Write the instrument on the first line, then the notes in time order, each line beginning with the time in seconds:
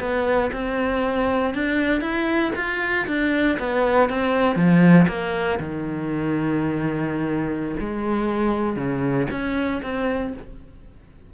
cello
0.00 B3
0.53 C4
1.54 D4
2.01 E4
2.56 F4
3.07 D4
3.59 B3
4.10 C4
4.56 F3
5.08 A#3
5.59 D#3
7.80 G#3
8.76 C#3
9.31 C#4
9.83 C4